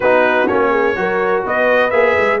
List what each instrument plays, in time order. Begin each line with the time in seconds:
0.00 tuba B3, trombone D#4, horn F#4, trumpet B4
0.47 tuba A#3, trombone C#4, trumpet C#5
0.70 horn G#4
0.95 tuba F#3, trombone F#4, horn A#4
1.44 tuba B3, horn B4, trumpet D#5
1.90 tuba A#3, trombone G#4, trumpet E5
2.18 tuba G#3